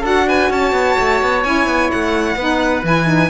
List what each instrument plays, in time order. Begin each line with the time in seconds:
0.00 cello D4, saxophone F#4, oboe A4, violin F#5
0.28 oboe B4, violin G#5
0.49 cello C#4, oboe C#5, violin A5
0.72 cello B3
0.99 cello A3
1.22 cello B3
1.43 cello C#4, saxophone E4, violin G#5
1.66 cello B3
1.91 cello A3, violin F#5
2.36 cello B3, saxophone D#4, oboe B4
2.83 cello E3, saxophone E4, violin G#5
3.06 saxophone D#4